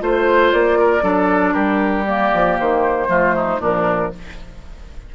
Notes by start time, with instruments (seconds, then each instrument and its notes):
0.00 bassoon A3, clarinet F4, flute C5, oboe C5
0.53 bassoon A#3, flute D5
0.79 oboe A#4
1.02 bassoon F#3, clarinet D4, oboe A4
1.54 bassoon G3, oboe G4, flute A#4
2.07 clarinet A#3, flute D5
2.34 bassoon F3
2.60 bassoon D#3, flute C5
3.09 bassoon F3, clarinet A3, oboe F4
3.36 oboe D#4
3.59 bassoon A#2, clarinet F3, oboe D4, flute A#4